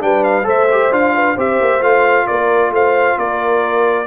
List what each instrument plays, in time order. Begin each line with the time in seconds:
0.00 tuba G3, trombone D4, horn B4, trumpet G5
0.23 trumpet F5
0.43 tuba A3, trombone A4, horn C5, trumpet E5
0.71 trombone G4
0.91 tuba D4, trombone F4, trumpet F5
1.14 horn B4
1.35 tuba C4, trombone G4, horn C5, trumpet E5
1.60 tuba A#3
1.80 tuba A3, trombone F4, trumpet F5
2.26 tuba A#3, horn A#4, trumpet D5
2.70 tuba A3, horn C5, trumpet F5
3.17 tuba A#3, horn A#4, trumpet D5